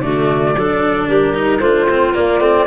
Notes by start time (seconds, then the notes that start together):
0.00 D3 A3 F#4 D5
0.56 F#3 D4 A4
1.08 G3 G4 A#4
1.34 D#4
1.60 A3 D4 F4 C5
1.90 C4
2.14 A#3 D5
2.40 A3 C4